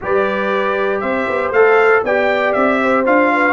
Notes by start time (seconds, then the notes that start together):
0.01 G3 G4 B4 D5
1.00 C4 C5 E5
1.28 B3
1.51 A3 A4 F5
2.03 B3 G4 D5 G5
2.53 C4 E5
2.82 C5
3.05 D4 F4 F5
3.33 B4